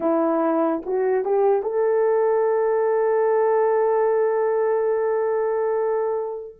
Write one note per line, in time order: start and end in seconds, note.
0.00 0.82 E4
0.85 1.24 F#4
1.24 1.62 G4
1.62 6.55 A4